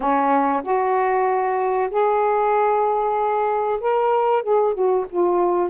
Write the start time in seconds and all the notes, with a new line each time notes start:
0.00 C#4
0.63 F#4
1.90 G#4
3.80 A#4
4.42 G#4
4.74 F#4
5.10 F4